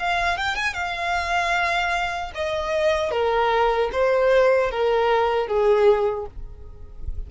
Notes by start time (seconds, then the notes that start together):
0.00 F5
0.38 G5
0.56 G#5
0.74 F5
2.35 D#5
3.11 A#4
3.93 C5
4.71 A#4
5.48 G#4